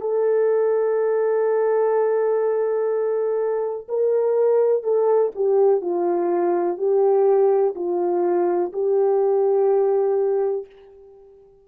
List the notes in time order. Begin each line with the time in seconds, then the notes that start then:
0.00 A4
3.88 A#4
4.83 A4
5.35 G4
5.81 F4
6.77 G4
7.75 F4
8.72 G4